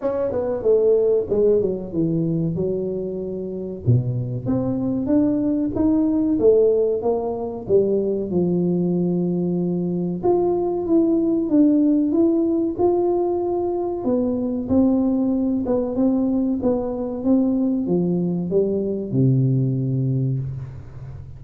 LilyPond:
\new Staff \with { instrumentName = "tuba" } { \time 4/4 \tempo 4 = 94 cis'8 b8 a4 gis8 fis8 e4 | fis2 b,4 c'4 | d'4 dis'4 a4 ais4 | g4 f2. |
f'4 e'4 d'4 e'4 | f'2 b4 c'4~ | c'8 b8 c'4 b4 c'4 | f4 g4 c2 | }